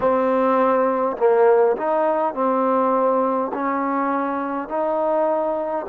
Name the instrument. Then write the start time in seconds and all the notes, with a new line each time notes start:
trombone
0.00 C4
1.17 A#3
1.76 D#4
2.34 C4
3.53 C#4
4.68 D#4